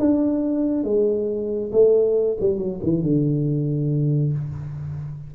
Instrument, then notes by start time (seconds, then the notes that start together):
tuba
0.00 D4
0.84 G#3
1.73 A3
2.41 G3
2.59 F#3
2.84 E3
3.03 D3